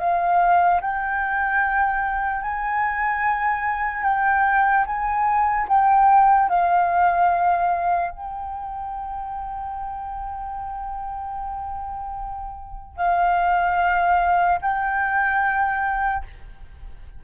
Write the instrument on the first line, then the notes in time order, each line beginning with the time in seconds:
flute
0.00 F5
0.81 G5
2.42 G#5
4.04 G5
4.86 G#5
5.68 G5
6.49 F5
8.12 G5
12.97 F5
14.62 G5